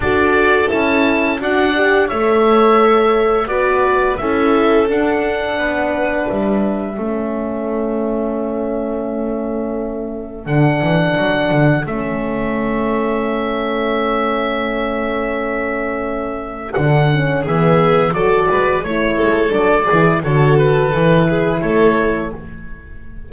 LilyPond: <<
  \new Staff \with { instrumentName = "oboe" } { \time 4/4 \tempo 4 = 86 d''4 a''4 fis''4 e''4~ | e''4 d''4 e''4 fis''4~ | fis''4 e''2.~ | e''2. fis''4~ |
fis''4 e''2.~ | e''1 | fis''4 e''4 d''4 cis''4 | d''4 cis''8 b'4. cis''4 | }
  \new Staff \with { instrumentName = "violin" } { \time 4/4 a'2 d''4 cis''4~ | cis''4 b'4 a'2 | b'2 a'2~ | a'1~ |
a'1~ | a'1~ | a'4 gis'4 a'8 b'8 cis''8 a'8~ | a'8 gis'8 a'4. gis'8 a'4 | }
  \new Staff \with { instrumentName = "horn" } { \time 4/4 fis'4 e'4 fis'8 g'8 a'4~ | a'4 fis'4 e'4 d'4~ | d'2 cis'2~ | cis'2. d'4~ |
d'4 cis'2.~ | cis'1 | d'8 cis'8 b4 fis'4 e'4 | d'8 e'8 fis'4 e'2 | }
  \new Staff \with { instrumentName = "double bass" } { \time 4/4 d'4 cis'4 d'4 a4~ | a4 b4 cis'4 d'4 | b4 g4 a2~ | a2. d8 e8 |
fis8 d8 a2.~ | a1 | d4 e4 fis8 gis8 a8 gis8 | fis8 e8 d4 e4 a4 | }
>>